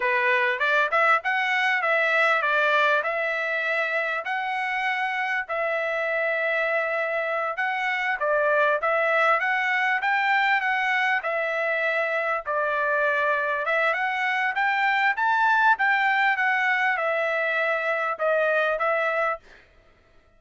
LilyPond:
\new Staff \with { instrumentName = "trumpet" } { \time 4/4 \tempo 4 = 99 b'4 d''8 e''8 fis''4 e''4 | d''4 e''2 fis''4~ | fis''4 e''2.~ | e''8 fis''4 d''4 e''4 fis''8~ |
fis''8 g''4 fis''4 e''4.~ | e''8 d''2 e''8 fis''4 | g''4 a''4 g''4 fis''4 | e''2 dis''4 e''4 | }